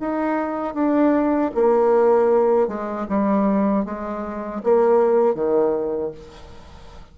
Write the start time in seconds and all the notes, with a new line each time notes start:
0.00 D#4
0.75 D4
1.55 A#3
2.69 G#3
3.09 G3
3.86 G#3
4.64 A#3
5.35 D#3